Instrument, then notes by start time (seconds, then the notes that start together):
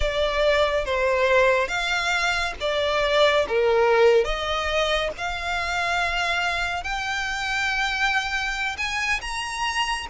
violin
0.00 D5
0.85 C5
1.68 F5
2.60 D5
3.48 A#4
4.24 D#5
5.17 F5
6.83 G5
8.77 G#5
9.21 A#5